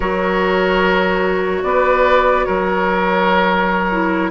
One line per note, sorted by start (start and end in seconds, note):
0.00 1.62 F#3
0.00 3.89 F#4
0.00 1.62 A#4
0.00 1.63 C#5
1.63 2.45 B3
1.63 2.46 B4
1.63 2.44 D5
2.44 4.30 F#3
2.44 4.30 A#4
2.44 4.29 C#5
3.91 4.30 E4